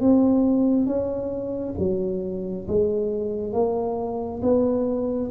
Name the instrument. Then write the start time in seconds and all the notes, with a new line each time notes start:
tuba
0.00 C4
0.86 C#4
1.78 F#3
2.67 G#3
3.53 A#3
4.42 B3